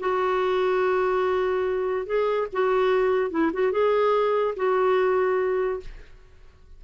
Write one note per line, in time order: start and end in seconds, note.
0.00 2.07 F#4
2.07 2.48 G#4
2.53 3.31 F#4
3.31 3.52 E4
3.53 3.72 F#4
3.72 4.55 G#4
4.56 5.81 F#4